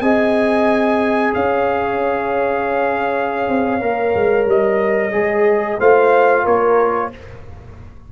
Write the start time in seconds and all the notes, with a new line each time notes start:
0.00 C4 G#4 D#5 G#5
1.34 C#4 C#5 F5
3.48 C4
3.80 A#3 A#4
4.14 G#3
4.46 G3 D#5
5.11 G#3 G#4
5.79 A3 F4 C5 F5
6.44 A#3 A#4 C#5